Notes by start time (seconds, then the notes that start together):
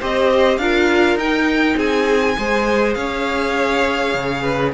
0.00 C4 G4 C5 D#5
0.57 D4 F4 A#4 F5
1.15 D#4 G5
1.76 C4 G#4 G#5
2.37 G#3 G#4 C5
2.93 C#4 C#5 F5
4.14 C#3
4.42 B4